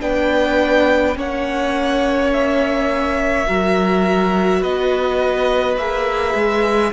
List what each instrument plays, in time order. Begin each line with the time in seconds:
0.00 cello B3, viola D4, violin B4 G5
1.15 cello A#3, viola C#4, violin C#5 F#5
2.32 violin E5
3.46 cello F#3, viola F#4, violin A#4
4.59 cello B3, violin B4 D#5
5.76 cello A#3, viola G#4, violin E5
6.34 cello G#3